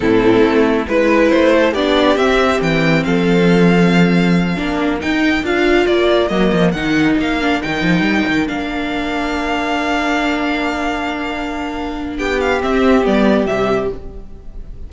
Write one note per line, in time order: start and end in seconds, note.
0.00 0.42 A2
0.00 0.86 C4
0.00 0.88 E4
0.00 0.87 A4
0.42 0.86 A3
0.87 1.32 G#3
0.87 1.75 E4
0.87 1.30 B4
0.87 1.53 B4
1.30 1.73 A3
1.30 1.73 C5
1.53 1.72 A4
1.72 2.16 B3
1.72 2.18 D4
1.72 3.02 G4
1.72 2.17 D5
2.16 2.60 C4
2.16 4.56 C4
2.16 2.60 E5
2.61 3.04 E3
2.61 3.03 G5
3.03 4.58 F3
3.03 4.57 A4
3.03 4.99 F5
4.56 5.02 A#3
4.56 4.99 D4
4.56 12.18 A#4
4.99 5.43 D#4
4.99 5.44 G5
5.43 5.86 D4
5.43 6.30 F4
5.43 5.86 F5
5.86 6.29 A#3
5.86 6.27 D5
6.27 6.51 F#3
6.27 6.74 A#3
6.27 6.71 D#5
6.52 6.73 F3
6.71 7.16 D#3
6.71 7.41 D#4
6.71 7.15 F#5
7.18 7.61 A#3
7.18 7.62 F5
7.41 7.62 D4
7.62 7.82 D#3
7.62 8.47 D#4
7.62 8.47 G5
7.82 8.00 F3
8.00 8.22 G3
8.28 8.49 D#3
8.47 12.19 A#3
8.47 12.60 D4
8.47 12.17 F5
12.18 12.62 B3
12.18 13.92 G4
12.18 12.40 G5
12.40 12.62 F5
12.60 13.03 C4
12.60 13.05 C4
12.60 13.05 E5
13.03 13.46 G3
13.03 13.46 B3
13.03 13.46 D5
13.46 13.90 C3
13.46 13.92 G3
13.46 13.90 E5